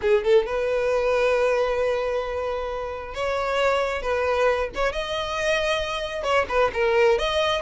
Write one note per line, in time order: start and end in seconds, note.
0.01 0.23 G#4
0.23 0.46 A4
0.46 3.14 B4
3.14 4.02 C#5
4.02 4.69 B4
4.74 4.92 C#5
4.92 6.23 D#5
6.23 6.45 C#5
6.48 6.71 B4
6.73 7.18 A#4
7.18 7.61 D#5